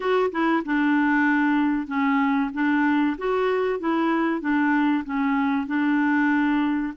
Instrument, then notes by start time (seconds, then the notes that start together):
clarinet
0.00 F#4
0.31 E4
0.65 D4
1.87 C#4
2.53 D4
3.18 F#4
3.79 E4
4.40 D4
5.04 C#4
5.66 D4